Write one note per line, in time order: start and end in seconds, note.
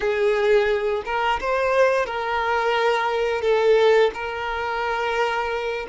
0.00 1.03 G#4
1.05 1.39 A#4
1.40 2.05 C5
2.05 3.41 A#4
3.41 4.10 A4
4.14 5.86 A#4